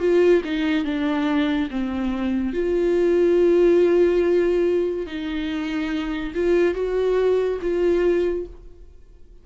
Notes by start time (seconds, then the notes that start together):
0.00 F4
0.45 D#4
0.85 D4
1.71 C4
2.54 F4
5.07 D#4
6.35 F4
6.75 F#4
7.62 F4